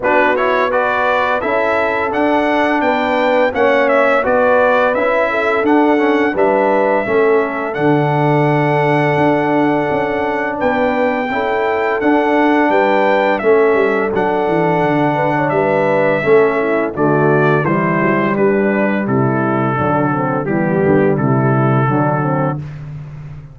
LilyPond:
<<
  \new Staff \with { instrumentName = "trumpet" } { \time 4/4 \tempo 4 = 85 b'8 cis''8 d''4 e''4 fis''4 | g''4 fis''8 e''8 d''4 e''4 | fis''4 e''2 fis''4~ | fis''2. g''4~ |
g''4 fis''4 g''4 e''4 | fis''2 e''2 | d''4 c''4 b'4 a'4~ | a'4 g'4 a'2 | }
  \new Staff \with { instrumentName = "horn" } { \time 4/4 fis'4 b'4 a'2 | b'4 cis''4 b'4. a'8~ | a'4 b'4 a'2~ | a'2. b'4 |
a'2 b'4 a'4~ | a'4. b'16 cis''16 b'4 a'8 e'8 | fis'4 e'4 d'4 e'4 | d'8 c'8 b4 e'4 d'8 c'8 | }
  \new Staff \with { instrumentName = "trombone" } { \time 4/4 d'8 e'8 fis'4 e'4 d'4~ | d'4 cis'4 fis'4 e'4 | d'8 cis'8 d'4 cis'4 d'4~ | d'1 |
e'4 d'2 cis'4 | d'2. cis'4 | a4 g2. | fis4 g2 fis4 | }
  \new Staff \with { instrumentName = "tuba" } { \time 4/4 b2 cis'4 d'4 | b4 ais4 b4 cis'4 | d'4 g4 a4 d4~ | d4 d'4 cis'4 b4 |
cis'4 d'4 g4 a8 g8 | fis8 e8 d4 g4 a4 | d4 e8 fis8 g4 c4 | d4 e8 d8 c4 d4 | }
>>